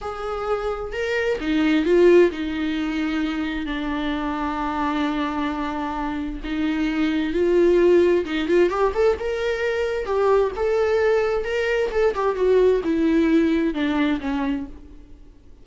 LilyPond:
\new Staff \with { instrumentName = "viola" } { \time 4/4 \tempo 4 = 131 gis'2 ais'4 dis'4 | f'4 dis'2. | d'1~ | d'2 dis'2 |
f'2 dis'8 f'8 g'8 a'8 | ais'2 g'4 a'4~ | a'4 ais'4 a'8 g'8 fis'4 | e'2 d'4 cis'4 | }